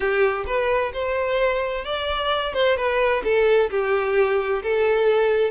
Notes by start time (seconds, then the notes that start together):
0.00 G4
0.46 B4
0.93 C5
1.84 D5
2.53 C5
2.76 B4
3.23 A4
3.70 G4
4.62 A4